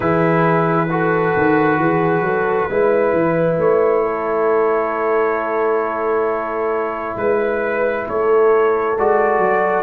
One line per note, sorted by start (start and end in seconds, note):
0.00 1.34 E3
0.00 0.88 E4
0.00 0.90 G#4
0.00 3.56 B4
0.90 2.69 F#4
0.90 1.80 A4
1.36 1.78 D#3
1.78 2.20 E3
1.78 2.25 G#4
2.20 2.65 F#3
2.20 2.70 A4
2.70 3.13 G#3
2.70 8.96 E4
2.70 4.03 B4
3.13 3.57 E3
3.57 7.15 A3
3.57 7.17 C#5
4.03 7.17 A4
7.16 8.06 G#3
7.16 8.06 B4
7.16 8.07 B4
8.07 8.97 A3
8.07 9.83 A4
8.07 8.98 C#5
8.97 9.38 G#3
8.97 9.83 F#4
8.97 9.83 D5
9.38 9.83 F#3